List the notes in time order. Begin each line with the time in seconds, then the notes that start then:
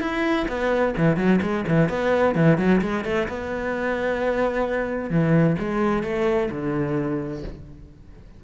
0.00 E4
0.48 B3
0.97 E3
1.16 F#3
1.41 G#3
1.67 E3
1.89 B3
2.35 E3
2.57 F#3
2.81 G#3
3.04 A3
3.28 B3
5.10 E3
5.59 G#3
6.03 A3
6.51 D3